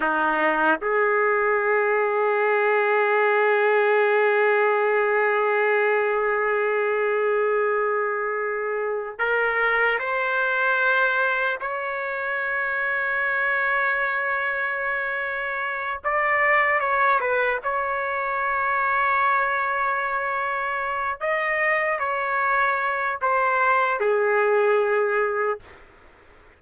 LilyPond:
\new Staff \with { instrumentName = "trumpet" } { \time 4/4 \tempo 4 = 75 dis'4 gis'2.~ | gis'1~ | gis'2.~ gis'8 ais'8~ | ais'8 c''2 cis''4.~ |
cis''1 | d''4 cis''8 b'8 cis''2~ | cis''2~ cis''8 dis''4 cis''8~ | cis''4 c''4 gis'2 | }